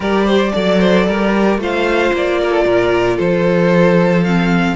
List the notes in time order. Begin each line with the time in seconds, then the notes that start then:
0.00 G3 G4 A#4 D5
0.26 C5
0.52 F#3 A4 D5
0.79 C5
1.07 G3 A#4
1.35 G4
1.58 A3 F4 C5 F5
2.13 A#3 D5
2.41 A#4
2.50 A4
2.65 A#2 A#4
3.17 F3 A4 C5
4.23 C4 F5